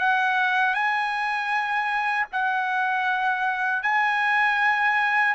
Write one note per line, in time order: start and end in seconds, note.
0.00 0.75 F#5
0.75 2.27 G#5
2.33 3.83 F#5
3.83 5.35 G#5